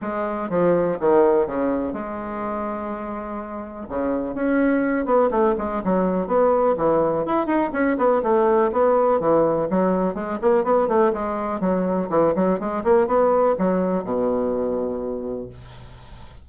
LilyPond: \new Staff \with { instrumentName = "bassoon" } { \time 4/4 \tempo 4 = 124 gis4 f4 dis4 cis4 | gis1 | cis4 cis'4. b8 a8 gis8 | fis4 b4 e4 e'8 dis'8 |
cis'8 b8 a4 b4 e4 | fis4 gis8 ais8 b8 a8 gis4 | fis4 e8 fis8 gis8 ais8 b4 | fis4 b,2. | }